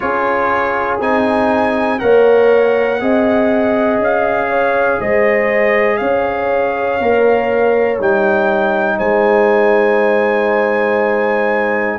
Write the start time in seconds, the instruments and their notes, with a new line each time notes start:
0.00 tuba C#4, trombone F4, horn G#4, trumpet C#5
1.00 tuba C4, trombone D#4, trumpet G#5
1.99 tuba A#3, trombone A#4, horn C#5, trumpet F#5
3.00 tuba C4, trombone G#4, horn D#5
3.99 tuba C#4, trumpet F5
4.49 horn C#5
4.99 tuba G#3, horn C5, trumpet D#5
5.96 tuba C#4, horn C#5, trumpet F5
7.00 tuba A#3, trombone A#4
7.99 tuba G3, trombone D#4, trumpet G5
8.97 tuba G#3, horn C5, trumpet G#5